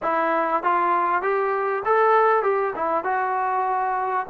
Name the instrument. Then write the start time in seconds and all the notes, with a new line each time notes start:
trombone
0.02 E4
0.63 F4
1.21 G4
1.85 A4
2.42 G4
2.76 E4
3.03 F#4